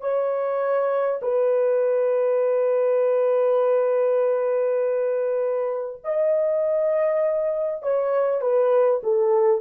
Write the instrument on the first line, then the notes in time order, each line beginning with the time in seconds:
horn
0.00 C#5
1.22 B4
6.04 D#5
7.82 C#5
8.41 B4
9.03 A4